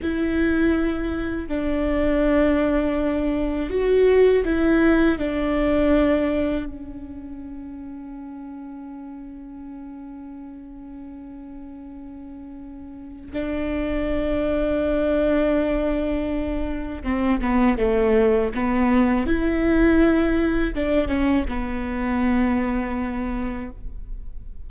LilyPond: \new Staff \with { instrumentName = "viola" } { \time 4/4 \tempo 4 = 81 e'2 d'2~ | d'4 fis'4 e'4 d'4~ | d'4 cis'2.~ | cis'1~ |
cis'2 d'2~ | d'2. c'8 b8 | a4 b4 e'2 | d'8 cis'8 b2. | }